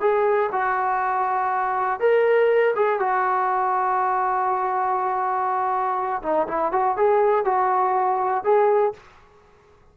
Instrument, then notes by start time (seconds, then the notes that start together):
trombone
0.00 G#4
0.52 F#4
1.99 A#4
2.75 G#4
2.99 F#4
6.22 D#4
6.47 E4
6.71 F#4
6.96 G#4
7.44 F#4
8.44 G#4